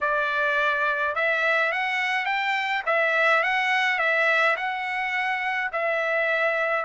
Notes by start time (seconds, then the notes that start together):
0.01 D5
1.15 E5
1.71 F#5
2.25 G5
2.86 E5
3.43 F#5
3.98 E5
4.56 F#5
5.72 E5